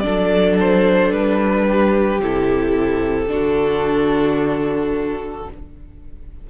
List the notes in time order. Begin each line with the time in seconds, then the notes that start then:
0.00 F#3 D4 A4 D5
0.60 C5
1.11 G3 B4
1.67 G4
2.20 C3 E4 A4
3.27 D3 D4 F#4